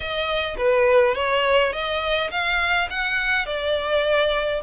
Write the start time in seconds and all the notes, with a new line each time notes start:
0.00 D#5
0.57 B4
1.15 C#5
1.73 D#5
2.31 F5
2.90 F#5
3.45 D5